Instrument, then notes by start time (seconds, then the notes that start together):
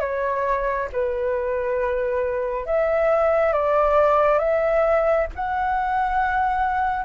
flute
0.00 C#5
0.93 B4
2.66 E5
3.53 D5
4.39 E5
5.35 F#5